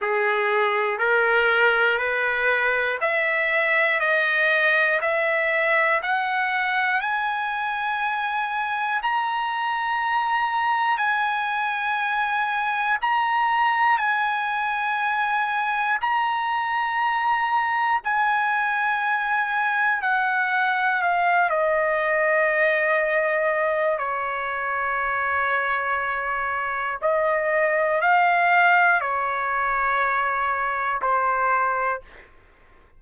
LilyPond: \new Staff \with { instrumentName = "trumpet" } { \time 4/4 \tempo 4 = 60 gis'4 ais'4 b'4 e''4 | dis''4 e''4 fis''4 gis''4~ | gis''4 ais''2 gis''4~ | gis''4 ais''4 gis''2 |
ais''2 gis''2 | fis''4 f''8 dis''2~ dis''8 | cis''2. dis''4 | f''4 cis''2 c''4 | }